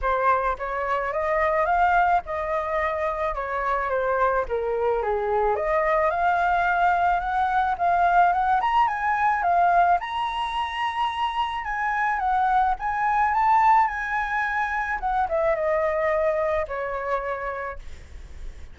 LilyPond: \new Staff \with { instrumentName = "flute" } { \time 4/4 \tempo 4 = 108 c''4 cis''4 dis''4 f''4 | dis''2 cis''4 c''4 | ais'4 gis'4 dis''4 f''4~ | f''4 fis''4 f''4 fis''8 ais''8 |
gis''4 f''4 ais''2~ | ais''4 gis''4 fis''4 gis''4 | a''4 gis''2 fis''8 e''8 | dis''2 cis''2 | }